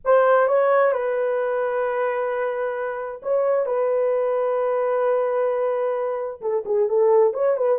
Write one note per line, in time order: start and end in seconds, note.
0.04 0.47 C5
0.47 0.92 C#5
0.92 3.21 B4
3.22 3.66 C#5
3.66 6.40 B4
6.41 6.63 A4
6.65 6.88 G#4
6.88 7.33 A4
7.33 7.56 C#5
7.57 7.78 B4